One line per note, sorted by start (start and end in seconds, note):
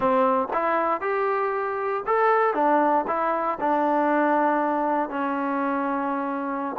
0.00 0.48 C4
0.53 1.00 E4
1.00 2.03 G4
2.06 2.54 A4
2.54 3.05 D4
3.07 3.58 E4
3.60 5.09 D4
5.09 6.76 C#4